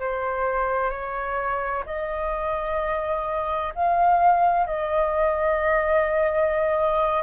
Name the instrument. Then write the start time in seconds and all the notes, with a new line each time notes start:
flute
0.00 C5
0.90 C#5
1.85 D#5
3.75 F5
4.67 D#5